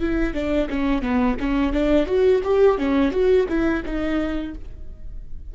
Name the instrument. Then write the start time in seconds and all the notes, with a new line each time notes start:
viola
0.00 E4
0.34 D4
0.69 C#4
1.02 B3
1.40 C#4
1.73 D4
2.06 F#4
2.44 G4
2.78 C#4
3.12 F#4
3.49 E4
3.85 D#4